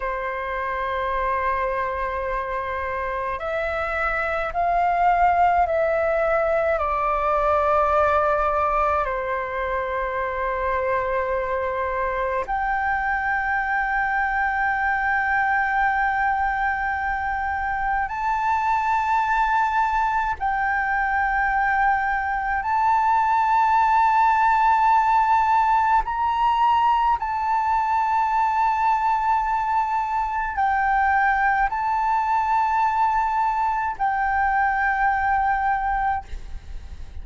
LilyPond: \new Staff \with { instrumentName = "flute" } { \time 4/4 \tempo 4 = 53 c''2. e''4 | f''4 e''4 d''2 | c''2. g''4~ | g''1 |
a''2 g''2 | a''2. ais''4 | a''2. g''4 | a''2 g''2 | }